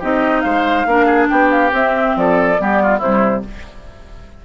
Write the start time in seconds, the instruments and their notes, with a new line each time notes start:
0.00 bassoon C4, clarinet D#4, oboe G4, flute D#5
0.41 bassoon G#3, oboe C5, flute F5
0.86 bassoon A#3, clarinet D4, oboe A#4
1.06 oboe G#4
1.29 bassoon B3, oboe G4, flute G5
1.51 flute F5
1.71 clarinet C4, bassoon C4, flute E5
2.16 bassoon F3, oboe A4, flute D5
2.58 bassoon G3, clarinet B3, oboe G4
2.83 oboe F4
2.98 bassoon C3, clarinet G3, oboe E4, flute C5